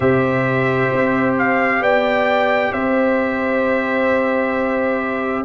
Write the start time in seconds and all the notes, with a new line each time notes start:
0.00 C3 G4 C5 E5
0.92 C4
1.38 F5
1.80 B3 D5 G5
2.71 C4 C5 E5